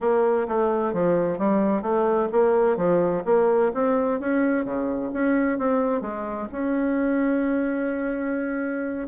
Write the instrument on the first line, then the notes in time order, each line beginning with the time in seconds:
bassoon
0.00 A#3
0.48 A3
0.93 F3
1.38 G3
1.82 A3
2.32 A#3
2.76 F3
3.25 A#3
3.74 C4
4.20 C#4
4.64 C#3
5.13 C#4
5.58 C4
6.01 G#3
6.52 C#4